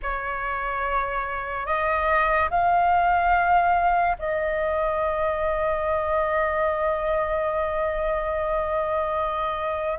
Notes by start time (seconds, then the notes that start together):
0.02 C#5
1.66 D#5
2.50 F5
4.19 D#5